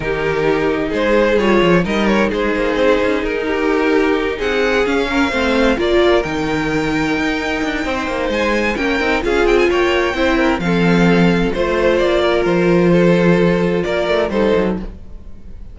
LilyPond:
<<
  \new Staff \with { instrumentName = "violin" } { \time 4/4 \tempo 4 = 130 ais'2 c''4 cis''4 | dis''8 cis''8 c''2 ais'4~ | ais'4. fis''4 f''4.~ | f''8 d''4 g''2~ g''8~ |
g''2 gis''4 g''4 | f''8 g''16 gis''16 g''2 f''4~ | f''4 c''4 d''4 c''4~ | c''2 d''4 c''4 | }
  \new Staff \with { instrumentName = "violin" } { \time 4/4 g'2 gis'2 | ais'4 gis'2~ gis'8 g'8~ | g'4. gis'4. ais'8 c''8~ | c''8 ais'2.~ ais'8~ |
ais'4 c''2 ais'4 | gis'4 cis''4 c''8 ais'8 a'4~ | a'4 c''4. ais'4. | a'2 ais'4 a'4 | }
  \new Staff \with { instrumentName = "viola" } { \time 4/4 dis'2. f'4 | dis'1~ | dis'2~ dis'8 cis'4 c'8~ | c'8 f'4 dis'2~ dis'8~ |
dis'2. cis'8 dis'8 | f'2 e'4 c'4~ | c'4 f'2.~ | f'2. dis'4 | }
  \new Staff \with { instrumentName = "cello" } { \time 4/4 dis2 gis4 g8 f8 | g4 gis8 ais8 c'8 cis'8 dis'4~ | dis'4. c'4 cis'4 a8~ | a8 ais4 dis2 dis'8~ |
dis'8 d'8 c'8 ais8 gis4 ais8 c'8 | cis'8 c'8 ais4 c'4 f4~ | f4 a4 ais4 f4~ | f2 ais8 a8 g8 fis8 | }
>>